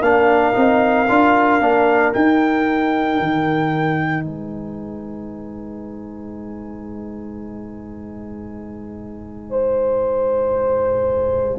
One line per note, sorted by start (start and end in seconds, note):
0.00 0.53 A#3
0.00 0.53 D4
0.00 4.23 A#4
0.00 2.12 F5
0.53 1.09 C4
0.53 1.05 D#4
1.09 1.61 D4
1.09 1.61 F4
1.61 2.13 A#3
1.61 2.13 D4
2.13 11.58 D#4
2.13 3.19 D#4
2.13 4.24 G5
3.19 4.24 D#3
4.23 11.58 G#3
4.23 9.50 B4
4.23 11.58 G#5
9.50 11.58 C5